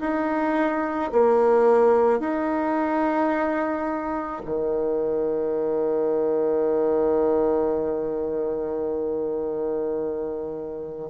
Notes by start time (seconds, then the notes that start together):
0.00 D#4
1.12 A#3
2.20 D#4
4.45 D#3